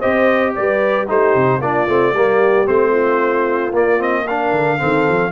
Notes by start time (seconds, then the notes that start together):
0.00 C4 G4 C5 D#5
0.56 G3 B4 D5
1.08 A3 D#4 G4 C5
1.35 C3
1.60 A#3 D4 F4 D5
1.88 A3 C4
2.13 G3 A#3 G4
2.66 A3 C4 C5
2.91 F4
3.72 A#3 D5
3.99 C4 D#5
4.27 D4 A#4 F5
4.52 D3
4.78 D#3 C4 A4
5.09 F3